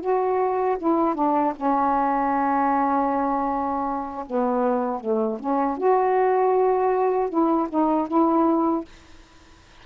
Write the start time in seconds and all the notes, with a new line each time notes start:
0.00 F#4
0.78 E4
1.14 D4
1.55 C#4
4.26 B3
5.00 A3
5.39 C#4
5.77 F#4
7.29 E4
7.69 D#4
8.07 E4